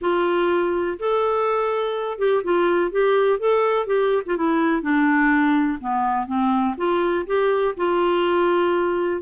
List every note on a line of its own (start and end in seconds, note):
0.01 0.98 F4
0.99 2.18 A4
2.18 2.42 G4
2.43 2.91 F4
2.91 3.39 G4
3.39 3.86 A4
3.86 4.22 G4
4.26 4.37 F4
4.37 4.81 E4
4.81 5.78 D4
5.80 6.26 B3
6.26 6.75 C4
6.77 7.25 F4
7.26 7.74 G4
7.76 9.21 F4